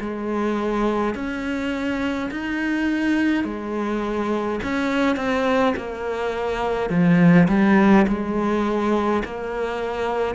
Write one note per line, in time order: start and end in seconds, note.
0.00 1.14 G#3
1.14 2.30 C#4
2.31 3.44 D#4
3.44 4.59 G#3
4.63 5.16 C#4
5.16 5.74 C4
5.76 6.90 A#3
6.90 7.47 F3
7.48 8.06 G3
8.08 9.23 G#3
9.25 10.35 A#3